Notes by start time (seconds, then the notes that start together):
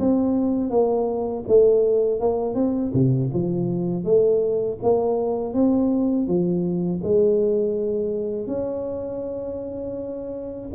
0.00 C4
0.70 A#3
1.48 A3
2.21 A#3
2.55 C4
2.94 C3
3.34 F3
4.04 A3
4.83 A#3
5.54 C4
6.28 F3
7.04 G#3
8.47 C#4